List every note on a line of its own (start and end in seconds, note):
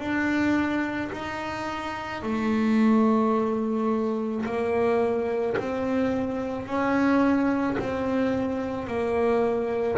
0.00 1.11 D4
1.13 2.23 D#4
2.23 4.45 A3
4.45 5.57 A#3
5.58 6.66 C4
6.66 7.77 C#4
7.79 8.87 C4
8.87 9.98 A#3